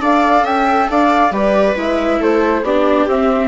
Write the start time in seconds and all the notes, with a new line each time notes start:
0.00 D4 A4 D5 F5
0.42 C#4 E5 G5
0.90 D4 D5 F5
1.31 G3 G4 B4 D5
1.75 G#3 E4 E5
2.19 A3 A4 C5
2.62 B3 D4 G4 D5
3.07 C4 E5